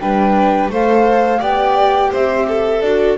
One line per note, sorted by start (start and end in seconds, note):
0.00 0.70 G3
0.00 0.71 D4
0.00 0.71 B4
0.00 0.71 G5
0.70 1.41 A3
0.70 1.39 A4
0.70 1.40 C5
0.70 1.42 F5
1.39 2.12 B3
1.39 2.80 G4
1.39 2.11 D5
1.39 2.13 G5
2.12 2.82 C4
2.12 2.47 C5
2.12 2.82 E5
2.48 3.18 A4
2.82 3.17 D4
2.82 3.18 F#4
2.82 3.18 D5